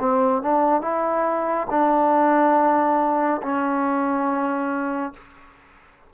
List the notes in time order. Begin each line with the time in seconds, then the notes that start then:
0.00 C4
0.43 D4
0.82 E4
1.71 D4
3.42 C#4